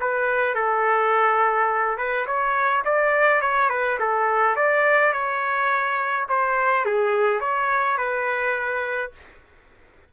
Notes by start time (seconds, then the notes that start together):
0.00 B4
0.55 A4
1.97 B4
2.26 C#5
2.84 D5
3.41 C#5
3.70 B4
3.99 A4
4.56 D5
5.12 C#5
6.29 C5
6.85 G#4
7.40 C#5
7.97 B4